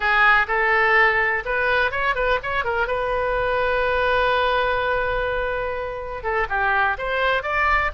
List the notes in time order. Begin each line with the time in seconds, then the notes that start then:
0.00 G#4
0.47 A4
1.45 B4
1.91 C#5
2.15 B4
2.42 C#5
2.64 A#4
2.87 B4
6.23 A4
6.49 G4
6.98 C5
7.42 D5